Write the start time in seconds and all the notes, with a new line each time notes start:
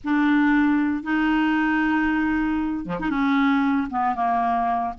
0.04 D4
1.03 D#4
2.85 F3
2.99 D#4
3.09 C#4
3.90 B3
4.15 A#3